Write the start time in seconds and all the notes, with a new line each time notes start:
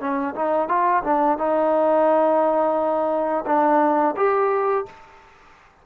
0.00 C#4
0.35 D#4
0.69 F4
1.04 D4
1.38 D#4
3.46 D4
4.17 G4